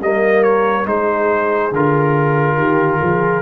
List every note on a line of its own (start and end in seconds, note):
0.00 0.86 G3
0.00 0.86 A#3
0.00 0.87 A#4
0.00 0.43 D#5
0.43 0.86 C#5
0.86 1.72 G#3
0.86 1.71 D#4
0.86 2.57 G#4
0.86 1.73 C5
1.72 2.57 D3
1.72 3.42 F4
1.72 3.42 A#4
2.57 2.99 D#3
2.57 3.00 G4
3.01 3.42 F3
3.01 3.42 G#4